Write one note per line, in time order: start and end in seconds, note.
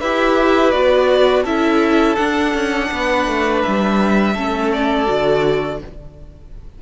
0.00 0.74 E4
0.00 0.73 G4
0.00 1.43 B4
0.00 0.71 E5
0.71 1.45 B3
0.71 1.45 F#4
0.71 1.43 D5
1.43 2.17 C#4
1.43 2.17 E4
1.43 2.87 A4
1.43 2.16 E5
2.16 4.34 D4
2.16 2.54 D4
2.16 3.61 F#5
2.54 2.90 C#4
2.91 3.28 B3
2.91 4.34 B4
3.28 3.64 A3
3.63 4.35 G3
3.63 4.71 E5
4.34 5.08 A3
4.34 5.06 C#4
4.34 5.78 A4
4.73 5.81 D5
5.06 5.82 D3
5.06 5.79 F#4